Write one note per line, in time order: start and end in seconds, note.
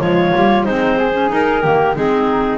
0.00 0.33 F3
0.00 0.33 G#3
0.00 0.66 F4
0.00 0.65 C#5
0.35 0.66 G3
0.35 0.68 A#3
0.65 1.31 G#3
0.65 1.14 C4
0.65 0.98 D#4
0.65 1.30 C5
0.98 1.62 G#4
1.14 1.29 C#4
1.29 1.61 D#4
1.29 1.64 D#4
1.29 1.96 A#4
1.62 1.96 D#3
1.62 1.95 A#3
1.62 1.95 G4
1.96 2.59 G#3
1.96 2.59 C4
1.96 2.59 D#4
1.96 2.59 G#4